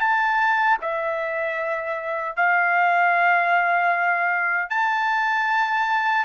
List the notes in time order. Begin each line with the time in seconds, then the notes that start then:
0.00 A5
0.82 E5
2.37 F5
4.70 A5